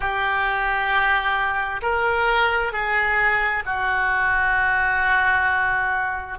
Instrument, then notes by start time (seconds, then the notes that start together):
oboe
0.00 G4
1.82 A#4
2.72 G#4
3.65 F#4